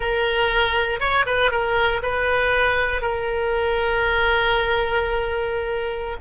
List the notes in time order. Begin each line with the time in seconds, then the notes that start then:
0.00 A#4
0.99 C#5
1.26 B4
1.51 A#4
2.02 B4
3.01 A#4